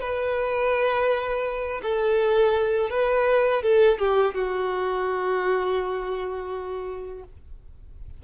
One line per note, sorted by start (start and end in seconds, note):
0.00 1.81 B4
1.82 2.89 A4
2.89 3.62 B4
3.62 3.98 A4
3.98 4.34 G4
4.34 7.23 F#4